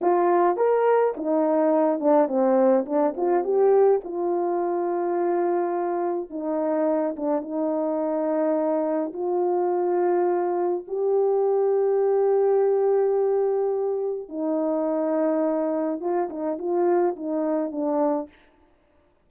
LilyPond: \new Staff \with { instrumentName = "horn" } { \time 4/4 \tempo 4 = 105 f'4 ais'4 dis'4. d'8 | c'4 d'8 f'8 g'4 f'4~ | f'2. dis'4~ | dis'8 d'8 dis'2. |
f'2. g'4~ | g'1~ | g'4 dis'2. | f'8 dis'8 f'4 dis'4 d'4 | }